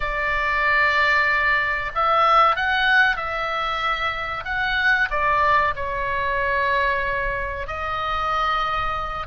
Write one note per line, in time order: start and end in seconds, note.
0.00 1.91 D5
1.94 2.56 E5
2.56 3.16 F#5
3.16 4.44 E5
4.44 5.08 F#5
5.10 5.74 D5
5.75 7.67 C#5
7.67 9.26 D#5